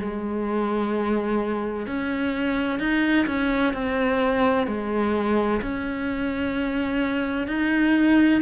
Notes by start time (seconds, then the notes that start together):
0.00 G#3
1.86 C#4
2.79 D#4
3.26 C#4
3.73 C4
4.67 G#3
5.61 C#4
7.47 D#4